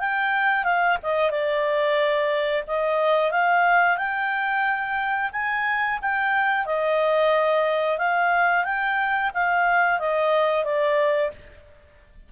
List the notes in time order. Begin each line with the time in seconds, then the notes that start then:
0.00 G5
0.64 F5
1.03 D#5
1.31 D5
2.67 D#5
3.32 F5
3.97 G5
5.33 G#5
6.02 G5
6.66 D#5
7.98 F5
8.65 G5
9.34 F5
10.00 D#5
10.65 D5